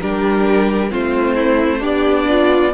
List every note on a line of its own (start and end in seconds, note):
0.00 0.92 G3
0.00 0.89 D4
0.00 0.91 G4
0.00 0.91 A#4
0.89 1.83 A3
0.89 1.80 C4
0.89 1.35 F4
0.89 1.83 C5
1.35 1.79 E4
1.79 2.73 B3
1.79 2.70 D4
1.79 2.25 G4
1.79 2.73 D5
2.28 2.73 F4